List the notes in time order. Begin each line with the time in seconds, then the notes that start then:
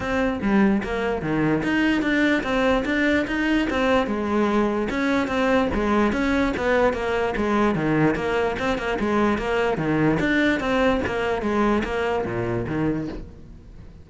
0.00 C4
0.41 G3
0.83 A#3
1.22 D#3
1.63 D#4
2.02 D4
2.43 C4
2.85 D4
3.27 D#4
3.70 C4
4.06 G#3
4.89 C#4
5.27 C4
5.73 G#3
6.12 C#4
6.57 B3
6.93 A#3
7.36 G#3
7.75 D#3
8.15 A#3
8.59 C4
8.78 A#3
8.99 G#3
9.38 A#3
9.77 D#3
10.19 D4
10.59 C4
11.06 A#3
11.42 G#3
11.84 A#3
12.25 A#2
12.67 D#3